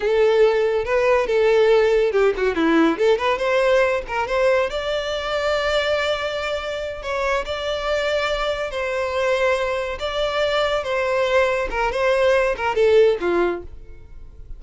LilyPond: \new Staff \with { instrumentName = "violin" } { \time 4/4 \tempo 4 = 141 a'2 b'4 a'4~ | a'4 g'8 fis'8 e'4 a'8 b'8 | c''4. ais'8 c''4 d''4~ | d''1~ |
d''8 cis''4 d''2~ d''8~ | d''8 c''2. d''8~ | d''4. c''2 ais'8 | c''4. ais'8 a'4 f'4 | }